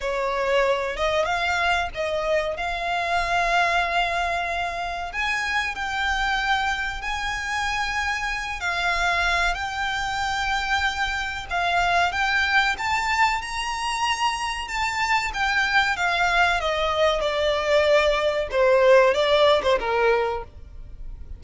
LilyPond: \new Staff \with { instrumentName = "violin" } { \time 4/4 \tempo 4 = 94 cis''4. dis''8 f''4 dis''4 | f''1 | gis''4 g''2 gis''4~ | gis''4. f''4. g''4~ |
g''2 f''4 g''4 | a''4 ais''2 a''4 | g''4 f''4 dis''4 d''4~ | d''4 c''4 d''8. c''16 ais'4 | }